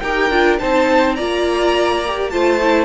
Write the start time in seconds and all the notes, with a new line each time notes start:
0.00 D#4 G4 A#4 G5
0.30 D4 F4
0.59 C4 D#4 C5 A5
1.15 A#3 F4 D5 A#5
2.07 G4
2.30 A3 F4 C5 A5
2.62 E4